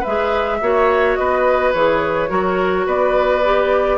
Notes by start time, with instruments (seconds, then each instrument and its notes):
0.00 oboe B4, flute E5
0.06 bassoon G#3, clarinet G#4
0.61 bassoon A#3, clarinet F#4, oboe C#5
1.15 bassoon B3, oboe B4, flute D#5
1.73 bassoon E3, clarinet G#4, flute C#5
2.28 bassoon F#3, clarinet F#4, oboe A#4
2.86 bassoon B3, oboe B4, flute D5
3.44 clarinet G4